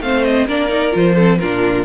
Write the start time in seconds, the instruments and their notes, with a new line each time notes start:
0.00 cello A3, viola C4, violin C5 F5
0.24 violin D#5
0.46 cello A#3, viola D4, violin A#4 D5
0.68 viola D#4
0.91 cello F3, viola F4, violin C5
1.15 viola C4, violin A4
1.39 cello A#2, viola D4, violin F4 A#4